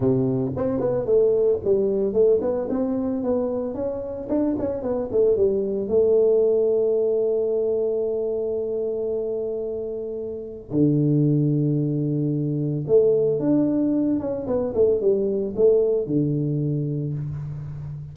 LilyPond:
\new Staff \with { instrumentName = "tuba" } { \time 4/4 \tempo 4 = 112 c4 c'8 b8 a4 g4 | a8 b8 c'4 b4 cis'4 | d'8 cis'8 b8 a8 g4 a4~ | a1~ |
a1 | d1 | a4 d'4. cis'8 b8 a8 | g4 a4 d2 | }